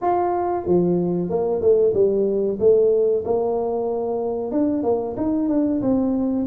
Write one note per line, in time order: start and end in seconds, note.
0.01 0.66 F4
0.66 1.29 F3
1.29 1.61 A#3
1.61 1.93 A3
1.94 2.58 G3
2.59 3.24 A3
3.24 4.51 A#3
4.51 4.83 D4
4.83 5.15 A#3
5.16 5.48 D#4
5.48 5.81 D4
5.81 6.45 C4